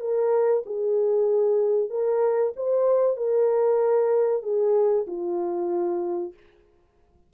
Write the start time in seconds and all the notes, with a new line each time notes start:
0.00 A#4
0.66 G#4
1.90 A#4
2.56 C5
3.17 A#4
4.43 G#4
5.07 F4